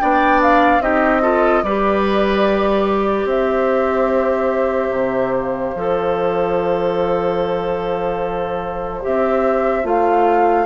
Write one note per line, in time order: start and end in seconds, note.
0.00 0.80 B3
0.00 0.81 D4
0.00 0.83 D5
0.00 0.41 G5
0.42 0.82 F5
0.80 1.62 C4
0.80 1.22 D#4
0.80 1.22 G4
0.80 1.64 D#5
1.22 1.63 F4
1.22 1.63 A4
1.63 3.25 G3
1.63 5.77 G4
1.63 3.28 B4
1.63 3.28 D5
3.25 4.90 C4
3.25 10.66 C5
3.25 5.35 E5
4.90 5.72 C3
5.35 9.04 F5
5.76 9.05 F3
5.76 9.02 A4
9.02 9.85 C4
9.02 9.84 G4
9.02 9.87 E5
9.84 10.66 A3
9.84 10.66 F4
9.84 10.66 F5